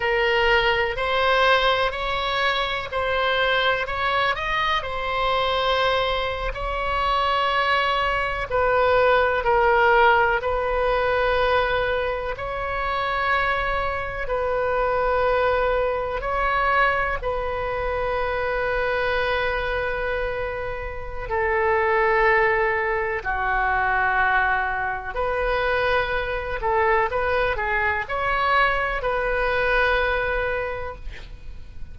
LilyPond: \new Staff \with { instrumentName = "oboe" } { \time 4/4 \tempo 4 = 62 ais'4 c''4 cis''4 c''4 | cis''8 dis''8 c''4.~ c''16 cis''4~ cis''16~ | cis''8. b'4 ais'4 b'4~ b'16~ | b'8. cis''2 b'4~ b'16~ |
b'8. cis''4 b'2~ b'16~ | b'2 a'2 | fis'2 b'4. a'8 | b'8 gis'8 cis''4 b'2 | }